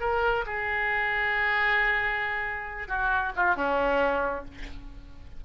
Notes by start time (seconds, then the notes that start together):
0.00 A#4
0.46 G#4
2.88 F#4
3.36 F4
3.56 C#4